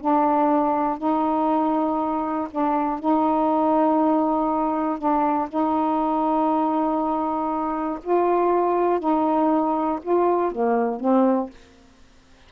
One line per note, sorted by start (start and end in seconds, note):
0.00 0.97 D4
0.97 2.48 D#4
2.50 2.99 D4
2.99 4.98 D#4
4.98 5.48 D4
5.49 7.99 D#4
8.03 8.99 F4
8.99 9.99 D#4
10.02 10.51 F4
10.51 11.00 A#3
11.00 11.50 C4